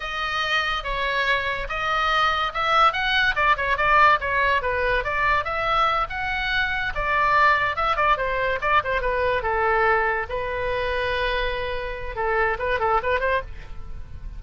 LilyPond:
\new Staff \with { instrumentName = "oboe" } { \time 4/4 \tempo 4 = 143 dis''2 cis''2 | dis''2 e''4 fis''4 | d''8 cis''8 d''4 cis''4 b'4 | d''4 e''4. fis''4.~ |
fis''8 d''2 e''8 d''8 c''8~ | c''8 d''8 c''8 b'4 a'4.~ | a'8 b'2.~ b'8~ | b'4 a'4 b'8 a'8 b'8 c''8 | }